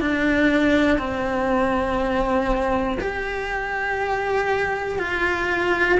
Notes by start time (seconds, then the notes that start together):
0.00 D4
0.98 C4
3.00 G4
4.98 F4